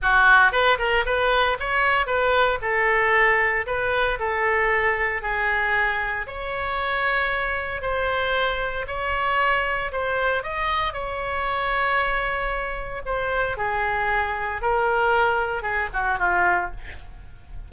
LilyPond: \new Staff \with { instrumentName = "oboe" } { \time 4/4 \tempo 4 = 115 fis'4 b'8 ais'8 b'4 cis''4 | b'4 a'2 b'4 | a'2 gis'2 | cis''2. c''4~ |
c''4 cis''2 c''4 | dis''4 cis''2.~ | cis''4 c''4 gis'2 | ais'2 gis'8 fis'8 f'4 | }